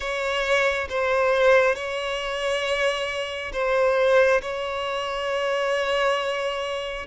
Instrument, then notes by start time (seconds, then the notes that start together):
violin
0.00 C#5
0.89 C5
1.75 C#5
3.53 C5
4.41 C#5